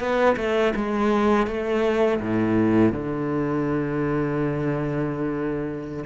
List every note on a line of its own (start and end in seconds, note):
0.00 0.37 B3
0.37 0.74 A3
0.76 1.47 G#3
1.47 2.21 A3
2.21 2.93 A2
2.93 6.04 D3